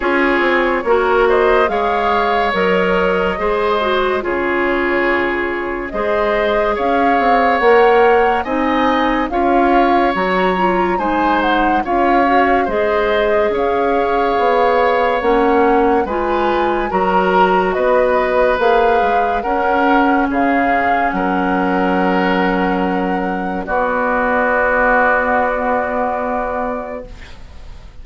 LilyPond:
<<
  \new Staff \with { instrumentName = "flute" } { \time 4/4 \tempo 4 = 71 cis''4. dis''8 f''4 dis''4~ | dis''4 cis''2 dis''4 | f''4 fis''4 gis''4 f''4 | ais''4 gis''8 fis''8 f''4 dis''4 |
f''2 fis''4 gis''4 | ais''4 dis''4 f''4 fis''4 | f''4 fis''2. | d''1 | }
  \new Staff \with { instrumentName = "oboe" } { \time 4/4 gis'4 ais'8 c''8 cis''2 | c''4 gis'2 c''4 | cis''2 dis''4 cis''4~ | cis''4 c''4 cis''4 c''4 |
cis''2. b'4 | ais'4 b'2 ais'4 | gis'4 ais'2. | fis'1 | }
  \new Staff \with { instrumentName = "clarinet" } { \time 4/4 f'4 fis'4 gis'4 ais'4 | gis'8 fis'8 f'2 gis'4~ | gis'4 ais'4 dis'4 f'4 | fis'8 f'8 dis'4 f'8 fis'8 gis'4~ |
gis'2 cis'4 f'4 | fis'2 gis'4 cis'4~ | cis'1 | b1 | }
  \new Staff \with { instrumentName = "bassoon" } { \time 4/4 cis'8 c'8 ais4 gis4 fis4 | gis4 cis2 gis4 | cis'8 c'8 ais4 c'4 cis'4 | fis4 gis4 cis'4 gis4 |
cis'4 b4 ais4 gis4 | fis4 b4 ais8 gis8 cis'4 | cis4 fis2. | b1 | }
>>